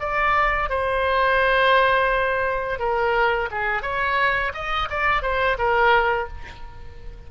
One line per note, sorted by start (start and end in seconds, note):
0.00 0.69 D5
0.69 2.79 C5
2.79 3.49 A#4
3.51 3.82 G#4
3.82 4.52 C#5
4.54 4.89 D#5
4.90 5.22 D5
5.22 5.57 C5
5.58 6.28 A#4